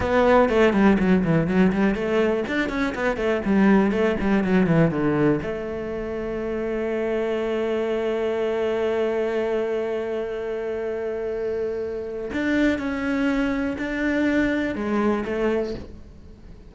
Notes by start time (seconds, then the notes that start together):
0.00 B3
0.49 A3
0.73 G3
0.98 F#3
1.23 E3
1.47 F#3
1.72 G3
1.94 A3
2.47 D4
2.69 C#4
2.94 B3
3.17 A3
3.45 G3
3.91 A3
4.20 G3
4.44 F#3
4.66 E3
4.90 D3
5.42 A3
12.32 D4
12.78 C#4
13.78 D4
14.75 G#3
15.25 A3